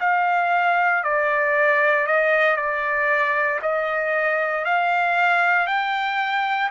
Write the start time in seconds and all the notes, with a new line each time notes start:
0.00 F5
1.03 D5
2.06 D#5
2.56 D5
3.62 D#5
4.65 F5
5.67 G5